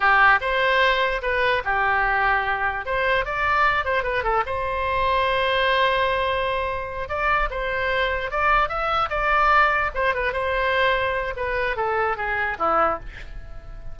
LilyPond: \new Staff \with { instrumentName = "oboe" } { \time 4/4 \tempo 4 = 148 g'4 c''2 b'4 | g'2. c''4 | d''4. c''8 b'8 a'8 c''4~ | c''1~ |
c''4. d''4 c''4.~ | c''8 d''4 e''4 d''4.~ | d''8 c''8 b'8 c''2~ c''8 | b'4 a'4 gis'4 e'4 | }